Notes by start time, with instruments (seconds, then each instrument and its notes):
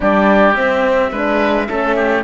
0.00 cello G3, horn D4, oboe G4, flute D5
0.54 horn C4, cello C4, flute E5
1.11 cello G#3, horn D4, oboe B4
1.67 cello A3, horn C#4, oboe A4
1.95 oboe G4